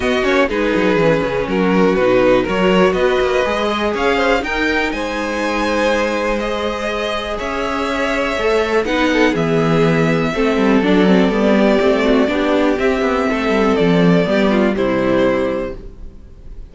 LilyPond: <<
  \new Staff \with { instrumentName = "violin" } { \time 4/4 \tempo 4 = 122 dis''8 cis''8 b'2 ais'4 | b'4 cis''4 dis''2 | f''4 g''4 gis''2~ | gis''4 dis''2 e''4~ |
e''2 fis''4 e''4~ | e''2 d''2~ | d''2 e''2 | d''2 c''2 | }
  \new Staff \with { instrumentName = "violin" } { \time 4/4 fis'4 gis'2 fis'4~ | fis'4 ais'4 b'4. dis''8 | cis''8 c''8 ais'4 c''2~ | c''2. cis''4~ |
cis''2 b'8 a'8 gis'4~ | gis'4 a'2~ a'8 g'8~ | g'8 fis'8 g'2 a'4~ | a'4 g'8 f'8 e'2 | }
  \new Staff \with { instrumentName = "viola" } { \time 4/4 b8 cis'8 dis'4 cis'2 | dis'4 fis'2 gis'4~ | gis'4 dis'2.~ | dis'4 gis'2.~ |
gis'4 a'4 dis'4 b4~ | b4 c'4 d'8 c'8 b4 | c'4 d'4 c'2~ | c'4 b4 g2 | }
  \new Staff \with { instrumentName = "cello" } { \time 4/4 b8 ais8 gis8 fis8 e8 cis8 fis4 | b,4 fis4 b8 ais8 gis4 | cis'4 dis'4 gis2~ | gis2. cis'4~ |
cis'4 a4 b4 e4~ | e4 a8 g8 fis4 g4 | a4 b4 c'8 b8 a8 g8 | f4 g4 c2 | }
>>